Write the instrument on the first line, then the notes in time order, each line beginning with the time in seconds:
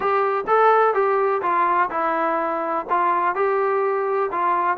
trombone
0.00 G4
0.47 A4
0.94 G4
1.42 F4
1.90 E4
2.89 F4
3.35 G4
4.31 F4